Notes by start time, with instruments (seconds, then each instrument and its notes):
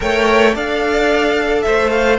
0.00 cello A3, viola A#4, violin C#5 G5
0.54 cello D4, viola A4, violin D5 F5
1.62 cello A3, violin C5 E5
1.90 violin F5